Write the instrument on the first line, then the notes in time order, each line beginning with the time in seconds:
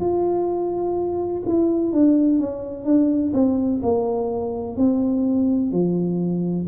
tuba
0.00 F4
1.46 E4
1.92 D4
2.39 C#4
2.84 D4
3.33 C4
3.83 A#3
4.77 C4
5.72 F3